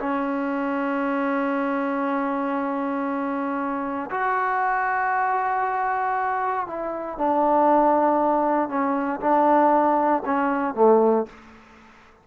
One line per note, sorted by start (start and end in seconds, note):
0.00 4.10 C#4
4.11 6.67 F#4
6.67 7.18 E4
7.18 8.69 D4
8.69 9.21 C#4
9.21 10.23 D4
10.26 10.75 C#4
10.75 11.26 A3